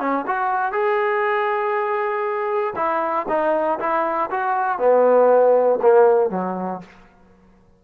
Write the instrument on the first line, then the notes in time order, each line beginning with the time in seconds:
trombone
0.00 C#4
0.27 F#4
0.72 G#4
2.76 E4
3.29 D#4
3.79 E4
4.30 F#4
4.79 B3
5.82 A#3
6.30 F#3